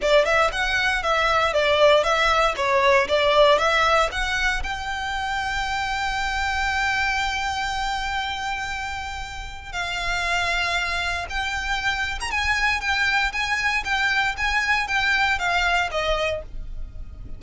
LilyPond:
\new Staff \with { instrumentName = "violin" } { \time 4/4 \tempo 4 = 117 d''8 e''8 fis''4 e''4 d''4 | e''4 cis''4 d''4 e''4 | fis''4 g''2.~ | g''1~ |
g''2. f''4~ | f''2 g''4.~ g''16 ais''16 | gis''4 g''4 gis''4 g''4 | gis''4 g''4 f''4 dis''4 | }